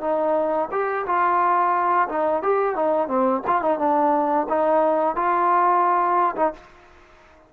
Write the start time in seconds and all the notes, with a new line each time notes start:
0.00 D#4
0.71 G4
1.06 F4
2.08 D#4
2.42 G4
2.75 D#4
3.07 C4
3.46 F4
3.61 D#4
3.78 D4
4.48 D#4
5.16 F4
6.36 D#4